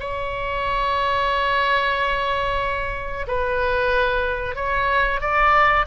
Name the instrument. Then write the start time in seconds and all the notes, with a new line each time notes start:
oboe
0.00 C#5
3.27 B4
4.55 C#5
5.21 D5